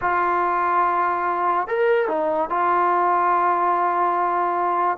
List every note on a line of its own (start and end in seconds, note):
0.01 1.67 F4
1.67 2.08 A#4
2.08 2.49 D#4
2.49 4.97 F4